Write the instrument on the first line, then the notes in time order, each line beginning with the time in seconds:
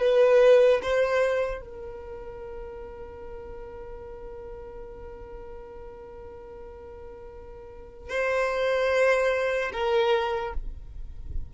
violin
0.00 B4
0.83 C5
1.61 A#4
8.10 C5
9.73 A#4